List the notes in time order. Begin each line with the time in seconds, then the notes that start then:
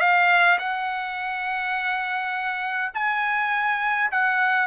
0.00 F5
0.59 F#5
2.94 G#5
4.11 F#5